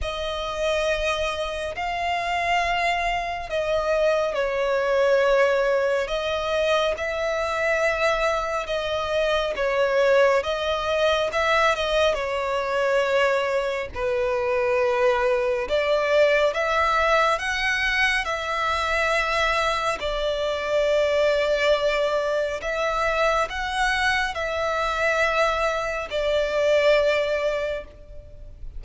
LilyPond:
\new Staff \with { instrumentName = "violin" } { \time 4/4 \tempo 4 = 69 dis''2 f''2 | dis''4 cis''2 dis''4 | e''2 dis''4 cis''4 | dis''4 e''8 dis''8 cis''2 |
b'2 d''4 e''4 | fis''4 e''2 d''4~ | d''2 e''4 fis''4 | e''2 d''2 | }